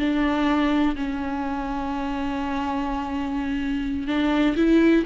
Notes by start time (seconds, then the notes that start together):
0.00 D4
0.96 C#4
4.08 D4
4.56 E4